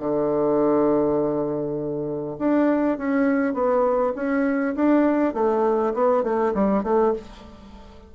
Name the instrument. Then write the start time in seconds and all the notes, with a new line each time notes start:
bassoon
0.00 D3
2.39 D4
2.98 C#4
3.54 B3
4.16 C#4
4.76 D4
5.34 A3
5.94 B3
6.24 A3
6.55 G3
6.84 A3